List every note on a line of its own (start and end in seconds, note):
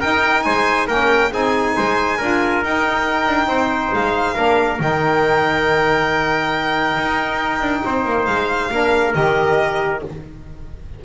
0.00 0.87 D#4
0.00 0.45 D#4
0.00 0.43 A#4
0.00 0.43 G5
0.43 0.88 G#3
0.43 0.87 C5
0.43 0.86 G#5
0.87 1.31 A#3
0.87 1.30 C#4
0.87 1.30 A#4
0.87 1.32 G5
1.31 1.75 C4
1.31 2.18 D#4
1.31 1.76 G#4
1.31 2.64 G#5
1.76 2.20 G#3
1.76 2.18 C5
2.18 2.63 D4
2.18 2.64 F4
2.18 3.48 A#4
2.63 3.28 D#4
2.63 4.34 D#4
2.63 3.94 G5
3.28 3.46 D4
3.46 3.90 C4
3.46 4.34 C5
3.93 4.37 G#3
3.93 4.81 F5
4.34 4.79 A#3
4.34 4.78 D4
4.34 7.82 A#4
4.78 6.97 D#3
4.78 8.69 D#4
4.78 8.26 G5
6.97 7.61 D#4
7.61 7.83 D4
7.85 8.05 C4
7.85 8.72 C5
8.05 8.26 A#3
8.26 8.70 G#3
8.26 9.13 F5
8.71 9.15 A#3
8.71 9.13 D4
8.71 10.04 A#4
9.13 10.02 D#3
9.13 10.00 G4
9.13 10.01 D#5